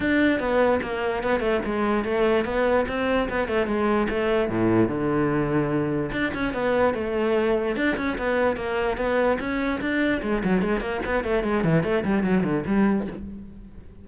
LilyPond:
\new Staff \with { instrumentName = "cello" } { \time 4/4 \tempo 4 = 147 d'4 b4 ais4 b8 a8 | gis4 a4 b4 c'4 | b8 a8 gis4 a4 a,4 | d2. d'8 cis'8 |
b4 a2 d'8 cis'8 | b4 ais4 b4 cis'4 | d'4 gis8 fis8 gis8 ais8 b8 a8 | gis8 e8 a8 g8 fis8 d8 g4 | }